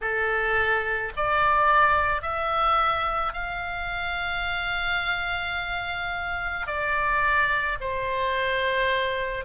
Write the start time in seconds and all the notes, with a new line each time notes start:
0.01 A4
1.16 D5
2.22 E5
3.33 F5
6.67 D5
7.80 C5